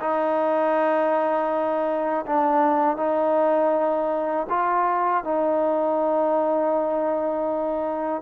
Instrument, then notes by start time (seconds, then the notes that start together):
trombone
0.00 D#4
2.25 D4
2.96 D#4
4.49 F4
5.24 D#4